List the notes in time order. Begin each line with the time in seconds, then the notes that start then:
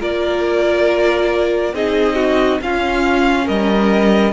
0.00 A#3 F4 A#4 D5
1.73 C4 D#4 G#4 D#5
2.16 F#4
2.61 C#4 F4 F5
3.45 G3 A#4 D#5